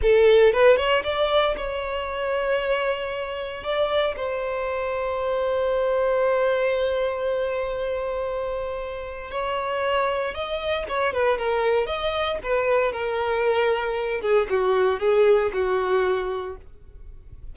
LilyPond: \new Staff \with { instrumentName = "violin" } { \time 4/4 \tempo 4 = 116 a'4 b'8 cis''8 d''4 cis''4~ | cis''2. d''4 | c''1~ | c''1~ |
c''2 cis''2 | dis''4 cis''8 b'8 ais'4 dis''4 | b'4 ais'2~ ais'8 gis'8 | fis'4 gis'4 fis'2 | }